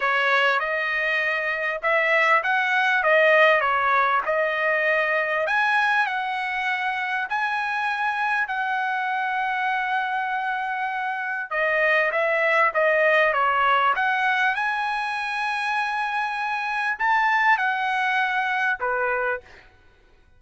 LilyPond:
\new Staff \with { instrumentName = "trumpet" } { \time 4/4 \tempo 4 = 99 cis''4 dis''2 e''4 | fis''4 dis''4 cis''4 dis''4~ | dis''4 gis''4 fis''2 | gis''2 fis''2~ |
fis''2. dis''4 | e''4 dis''4 cis''4 fis''4 | gis''1 | a''4 fis''2 b'4 | }